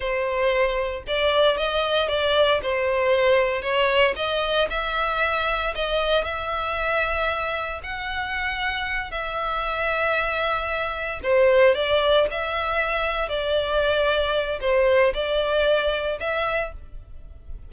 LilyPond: \new Staff \with { instrumentName = "violin" } { \time 4/4 \tempo 4 = 115 c''2 d''4 dis''4 | d''4 c''2 cis''4 | dis''4 e''2 dis''4 | e''2. fis''4~ |
fis''4. e''2~ e''8~ | e''4. c''4 d''4 e''8~ | e''4. d''2~ d''8 | c''4 d''2 e''4 | }